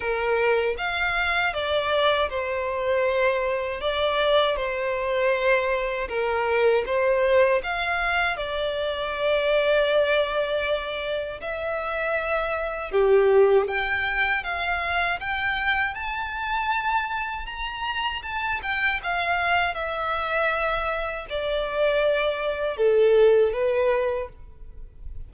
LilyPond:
\new Staff \with { instrumentName = "violin" } { \time 4/4 \tempo 4 = 79 ais'4 f''4 d''4 c''4~ | c''4 d''4 c''2 | ais'4 c''4 f''4 d''4~ | d''2. e''4~ |
e''4 g'4 g''4 f''4 | g''4 a''2 ais''4 | a''8 g''8 f''4 e''2 | d''2 a'4 b'4 | }